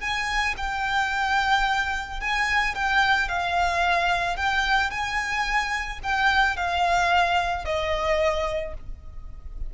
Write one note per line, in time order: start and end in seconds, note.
0.00 0.55 G#5
0.57 2.20 G5
2.20 2.74 G#5
2.74 3.28 G5
3.28 4.36 F5
4.36 4.90 G5
4.90 5.99 G#5
6.03 6.56 G5
6.56 7.65 F5
7.65 8.74 D#5